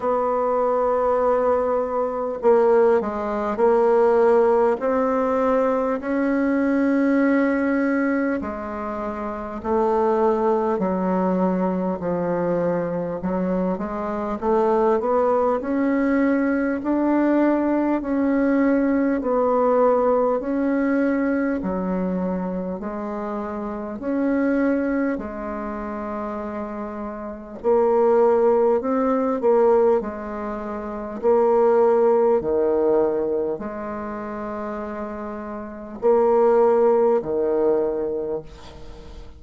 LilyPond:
\new Staff \with { instrumentName = "bassoon" } { \time 4/4 \tempo 4 = 50 b2 ais8 gis8 ais4 | c'4 cis'2 gis4 | a4 fis4 f4 fis8 gis8 | a8 b8 cis'4 d'4 cis'4 |
b4 cis'4 fis4 gis4 | cis'4 gis2 ais4 | c'8 ais8 gis4 ais4 dis4 | gis2 ais4 dis4 | }